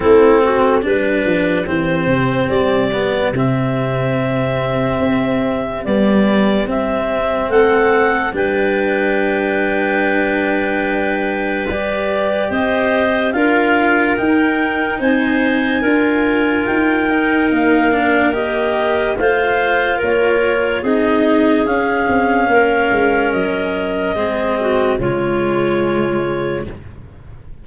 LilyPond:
<<
  \new Staff \with { instrumentName = "clarinet" } { \time 4/4 \tempo 4 = 72 a'4 b'4 c''4 d''4 | e''2. d''4 | e''4 fis''4 g''2~ | g''2 d''4 dis''4 |
f''4 g''4 gis''2 | g''4 f''4 dis''4 f''4 | cis''4 dis''4 f''2 | dis''2 cis''2 | }
  \new Staff \with { instrumentName = "clarinet" } { \time 4/4 e'8 fis'8 g'2.~ | g'1~ | g'4 a'4 b'2~ | b'2. c''4 |
ais'2 c''4 ais'4~ | ais'2. c''4 | ais'4 gis'2 ais'4~ | ais'4 gis'8 fis'8 f'2 | }
  \new Staff \with { instrumentName = "cello" } { \time 4/4 c'4 d'4 c'4. b8 | c'2. g4 | c'2 d'2~ | d'2 g'2 |
f'4 dis'2 f'4~ | f'8 dis'4 d'8 g'4 f'4~ | f'4 dis'4 cis'2~ | cis'4 c'4 gis2 | }
  \new Staff \with { instrumentName = "tuba" } { \time 4/4 a4 g8 f8 e8 c8 g4 | c2 c'4 b4 | c'4 a4 g2~ | g2. c'4 |
d'4 dis'4 c'4 d'4 | dis'4 ais2 a4 | ais4 c'4 cis'8 c'8 ais8 gis8 | fis4 gis4 cis2 | }
>>